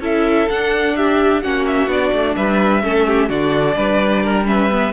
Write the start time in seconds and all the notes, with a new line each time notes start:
0.00 C#4 E4 A4 E5
0.49 D4 F#5
0.96 G4 E5
1.42 A#3 C#4 F#4 F#5
1.66 E5
1.87 B3 D4 D5
2.13 A3
2.35 G3 B4 E5
2.82 A3 C#4 A4
3.06 G4
3.28 D3 D4 F#4 D5
3.76 G3 B4
4.23 A#4
4.45 C#4 B4 E5
4.71 B3